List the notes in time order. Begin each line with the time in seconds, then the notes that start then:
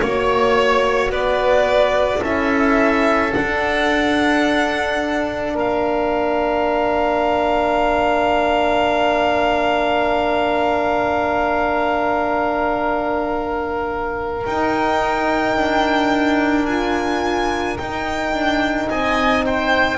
0.00 A#3 F#4 C#5
1.10 B3 B4 D5
2.20 C#4 E4 A4 E5
3.34 D4 F#5
5.55 A#3 A#4 F5
14.45 D#4 G5
15.56 D4
16.66 F4 G#5
17.78 D#4 G5
18.33 D4
18.90 C4 D#5 G#5
19.45 C5 G5